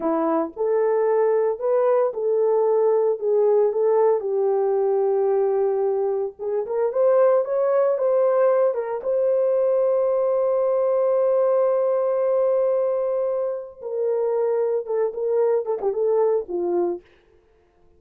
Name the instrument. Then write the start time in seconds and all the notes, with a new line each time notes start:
horn
0.00 E4
0.56 A4
1.59 B4
2.13 A4
3.19 G#4
3.72 A4
4.20 G4
6.39 G#4
6.66 A#4
6.92 C5
7.45 C#5
7.98 C5
8.74 A#4
9.03 C5
13.81 A#4
14.86 A4
15.13 A#4
15.65 A4
15.81 G4
15.93 A4
16.48 F4